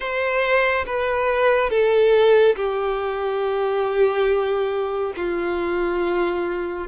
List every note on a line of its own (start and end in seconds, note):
0.00 0.85 C5
0.86 1.69 B4
1.69 2.55 A4
2.56 5.13 G4
5.16 6.87 F4